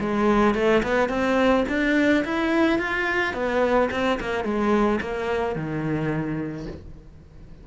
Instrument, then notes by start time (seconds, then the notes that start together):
cello
0.00 G#3
0.55 A3
0.83 B3
1.09 C4
1.69 D4
2.25 E4
2.79 F4
3.34 B3
3.91 C4
4.20 A#3
4.44 G#3
5.01 A#3
5.55 D#3